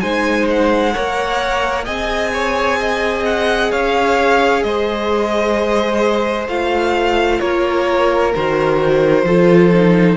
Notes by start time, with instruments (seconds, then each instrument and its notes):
0.00 cello G#3, viola D#4, violin C5 G#5
0.51 violin F#5
0.93 cello A#3, viola A#4, violin C#5
1.84 cello C4, viola G#4, violin D#5 G#5
2.33 violin C#5
2.80 violin D#5
3.25 violin F#5
3.71 cello C#4, violin C#5 F5
4.63 cello G#3, violin C5 D#5
6.47 cello A3, viola F4, violin F5
7.40 cello A#3, violin A#4 C#5
8.35 cello D#3, viola F#4, violin C5
9.24 cello F3, viola F4, violin A4
9.73 viola D#4